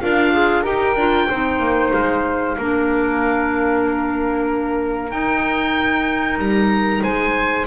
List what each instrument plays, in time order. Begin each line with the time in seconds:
0.00 double bass D4, flute F4, clarinet A#4, oboe F5
0.33 clarinet G#4
0.62 double bass D#4, clarinet G4, flute A#4, oboe G5
0.96 double bass D4, clarinet F4
1.29 double bass C4, clarinet D#4, flute C5
1.59 double bass A#3
1.92 double bass G#3, oboe F5
2.58 double bass A#3, clarinet D4, flute A#4
5.11 clarinet D#4, double bass D#4, oboe G5
6.38 double bass G3, oboe A#5
7.03 double bass G#3, flute C5, oboe G#5